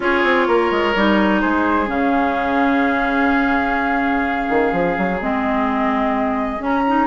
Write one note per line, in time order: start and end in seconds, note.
0.00 0.23 C#4
0.00 0.94 F4
0.00 0.47 G#4
0.00 1.40 C#5
0.23 0.47 C4
0.47 0.70 A#3
0.47 1.41 A#4
0.70 0.94 G#3
0.95 1.42 G3
0.95 1.86 D#4
1.40 1.88 G#3
1.40 7.06 G#4
1.40 1.88 C5
1.86 4.48 C#3
1.86 5.16 C#4
1.86 5.20 F5
4.49 4.72 D#3
4.72 4.96 F3
4.97 5.21 F#3
5.21 6.59 G#3
5.21 6.58 C4
5.21 6.62 D#5
6.58 6.82 C#4
6.58 7.06 C#4
6.58 7.06 A#5
6.87 7.06 D#4